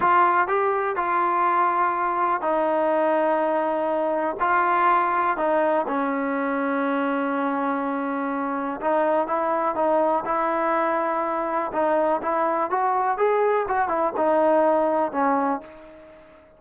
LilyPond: \new Staff \with { instrumentName = "trombone" } { \time 4/4 \tempo 4 = 123 f'4 g'4 f'2~ | f'4 dis'2.~ | dis'4 f'2 dis'4 | cis'1~ |
cis'2 dis'4 e'4 | dis'4 e'2. | dis'4 e'4 fis'4 gis'4 | fis'8 e'8 dis'2 cis'4 | }